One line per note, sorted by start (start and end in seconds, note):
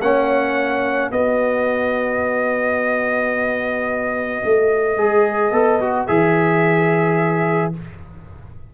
0.00 1.10 A#3
0.00 1.12 C#4
0.00 1.11 C#5
0.00 1.11 F#5
1.11 4.42 B3
1.11 4.97 F#4
1.11 7.72 B4
1.11 6.06 D#5
4.44 4.97 A3
4.97 5.51 G#3
4.97 5.52 G#4
5.51 6.06 B3
5.51 5.79 A4
5.80 6.07 F#4
6.06 7.74 E3
6.06 7.73 G#4
6.06 7.72 E5